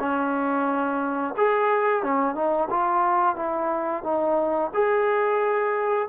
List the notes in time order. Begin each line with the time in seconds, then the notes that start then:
0.00 C#4
1.38 G#4
2.03 C#4
2.35 D#4
2.71 F4
3.36 E4
4.04 D#4
4.74 G#4